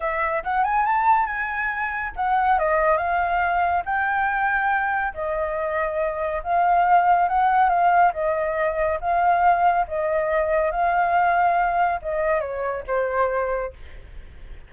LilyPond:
\new Staff \with { instrumentName = "flute" } { \time 4/4 \tempo 4 = 140 e''4 fis''8 gis''8 a''4 gis''4~ | gis''4 fis''4 dis''4 f''4~ | f''4 g''2. | dis''2. f''4~ |
f''4 fis''4 f''4 dis''4~ | dis''4 f''2 dis''4~ | dis''4 f''2. | dis''4 cis''4 c''2 | }